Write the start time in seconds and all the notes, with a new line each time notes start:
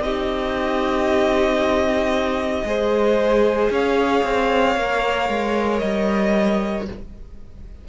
0.00 C4 D#4 G4 D#5
2.64 G#3 G#4 C5
3.71 C#4 C#5 F5
4.24 C4
4.76 A#3 A#4
5.29 G#3
5.79 G3 D#5